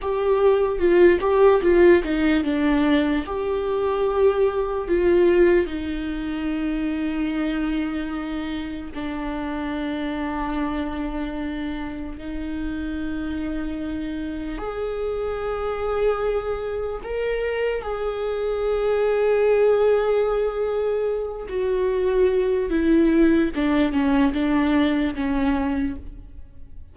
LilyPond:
\new Staff \with { instrumentName = "viola" } { \time 4/4 \tempo 4 = 74 g'4 f'8 g'8 f'8 dis'8 d'4 | g'2 f'4 dis'4~ | dis'2. d'4~ | d'2. dis'4~ |
dis'2 gis'2~ | gis'4 ais'4 gis'2~ | gis'2~ gis'8 fis'4. | e'4 d'8 cis'8 d'4 cis'4 | }